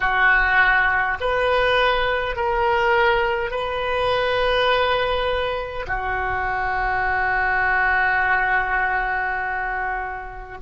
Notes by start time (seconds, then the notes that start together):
0.00 F#4
1.20 B4
2.36 A#4
3.50 B4
5.87 F#4